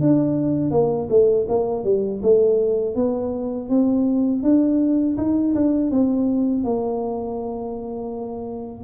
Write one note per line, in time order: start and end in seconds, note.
0.00 0.71 D4
0.71 1.08 A#3
1.09 1.46 A3
1.48 1.84 A#3
1.84 2.21 G3
2.22 2.95 A3
2.95 3.69 B3
3.69 4.42 C4
4.42 5.16 D4
5.17 5.54 D#4
5.55 5.90 D4
5.90 6.64 C4
6.64 8.84 A#3